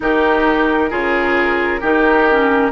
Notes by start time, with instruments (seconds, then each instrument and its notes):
0.00 bassoon D#3, clarinet D#4, oboe G4, flute A#4
0.90 bassoon C#3, clarinet F4, oboe G#4
1.80 bassoon D#3, clarinet D#4, oboe G4
2.30 clarinet C#4